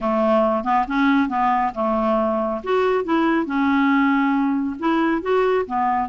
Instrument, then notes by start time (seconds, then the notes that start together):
clarinet
0.00 A3
0.64 B3
0.87 C#4
1.28 B3
1.74 A3
2.63 F#4
3.04 E4
3.46 C#4
4.79 E4
5.22 F#4
5.66 B3